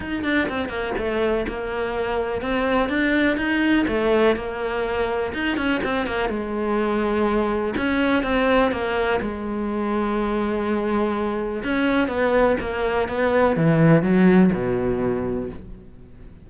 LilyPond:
\new Staff \with { instrumentName = "cello" } { \time 4/4 \tempo 4 = 124 dis'8 d'8 c'8 ais8 a4 ais4~ | ais4 c'4 d'4 dis'4 | a4 ais2 dis'8 cis'8 | c'8 ais8 gis2. |
cis'4 c'4 ais4 gis4~ | gis1 | cis'4 b4 ais4 b4 | e4 fis4 b,2 | }